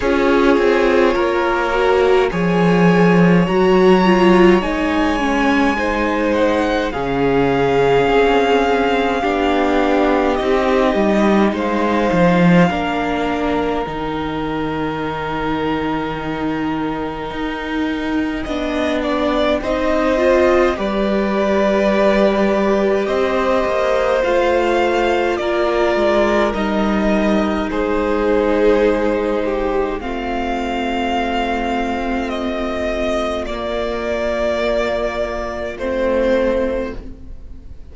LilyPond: <<
  \new Staff \with { instrumentName = "violin" } { \time 4/4 \tempo 4 = 52 cis''2 gis''4 ais''4 | gis''4. fis''8 f''2~ | f''4 dis''4 f''2 | g''1~ |
g''4 dis''4 d''2 | dis''4 f''4 d''4 dis''4 | c''2 f''2 | dis''4 d''2 c''4 | }
  \new Staff \with { instrumentName = "violin" } { \time 4/4 gis'4 ais'4 cis''2~ | cis''4 c''4 gis'2 | g'2 c''4 ais'4~ | ais'1 |
dis''8 d''8 c''4 b'2 | c''2 ais'2 | gis'4. g'8 f'2~ | f'1 | }
  \new Staff \with { instrumentName = "viola" } { \time 4/4 f'4. fis'8 gis'4 fis'8 f'8 | dis'8 cis'8 dis'4 cis'2 | d'4 dis'2 d'4 | dis'1 |
d'4 dis'8 f'8 g'2~ | g'4 f'2 dis'4~ | dis'2 c'2~ | c'4 ais2 c'4 | }
  \new Staff \with { instrumentName = "cello" } { \time 4/4 cis'8 c'8 ais4 f4 fis4 | gis2 cis4 c'4 | b4 c'8 g8 gis8 f8 ais4 | dis2. dis'4 |
b4 c'4 g2 | c'8 ais8 a4 ais8 gis8 g4 | gis2 a2~ | a4 ais2 a4 | }
>>